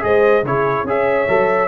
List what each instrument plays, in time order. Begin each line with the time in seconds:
0.00 tuba G#3, trombone G#4, horn C5, trumpet D#5
0.43 tuba C#3, trombone E4, horn G#4, trumpet C#5
0.84 tuba C#4, trombone G#4, horn C#5, trumpet E5
1.28 tuba F#3, trombone A4